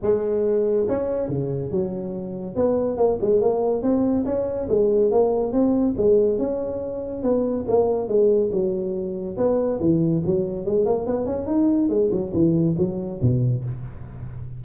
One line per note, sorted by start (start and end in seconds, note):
0.01 0.86 G#3
0.88 1.28 C#4
1.28 1.71 C#3
1.71 2.55 F#3
2.55 2.97 B3
2.97 3.18 A#3
3.21 3.41 G#3
3.41 3.82 A#3
3.82 4.25 C4
4.25 4.67 C#4
4.68 5.11 G#3
5.11 5.52 A#3
5.52 5.95 C4
5.97 6.38 G#3
6.38 7.22 C#4
7.22 7.65 B3
7.68 8.08 A#3
8.08 8.50 G#3
8.51 9.37 F#3
9.37 9.79 B3
9.79 10.22 E3
10.25 10.65 F#3
10.65 10.85 G#3
10.85 11.06 A#3
11.06 11.26 B3
11.26 11.46 C#4
11.46 11.89 D#4
11.89 12.10 G#3
12.11 12.32 F#3
12.33 12.76 E3
12.78 13.20 F#3
13.21 13.64 B2